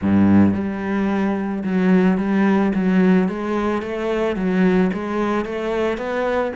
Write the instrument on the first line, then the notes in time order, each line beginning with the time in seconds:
cello
0.01 G2
0.54 G3
1.63 F#3
2.17 G3
2.74 F#3
3.28 G#3
3.82 A3
4.36 F#3
4.93 G#3
5.45 A3
5.97 B3